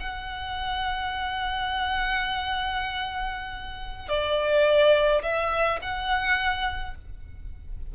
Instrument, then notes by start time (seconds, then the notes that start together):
violin
0.00 F#5
4.09 D5
5.23 E5
5.82 F#5